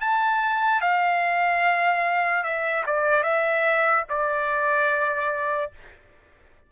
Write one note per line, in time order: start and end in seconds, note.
0.00 0.81 A5
0.81 2.43 F5
2.43 2.84 E5
2.86 3.23 D5
3.23 4.04 E5
4.09 5.71 D5